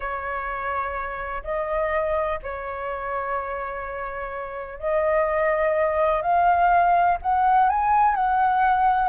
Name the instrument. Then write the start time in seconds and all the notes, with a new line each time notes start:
flute
0.00 C#5
1.43 D#5
2.42 C#5
4.79 D#5
6.22 F5
7.22 F#5
7.69 G#5
8.15 F#5